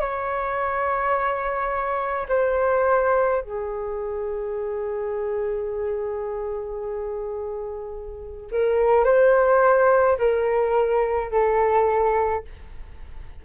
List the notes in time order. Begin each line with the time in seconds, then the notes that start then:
0.00 C#5
2.28 C5
3.41 G#4
8.51 A#4
9.04 C5
10.18 A#4
11.31 A4